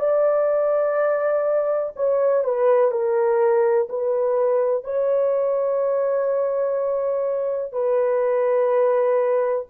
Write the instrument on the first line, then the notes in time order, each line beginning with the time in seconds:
horn
0.00 D5
1.97 C#5
2.45 B4
2.92 A#4
3.90 B4
4.84 C#5
7.73 B4